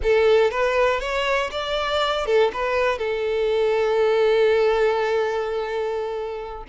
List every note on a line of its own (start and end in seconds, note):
0.02 0.50 A4
0.50 1.00 B4
1.00 1.50 C#5
1.51 2.26 D5
2.26 2.51 A4
2.53 2.98 B4
2.98 6.63 A4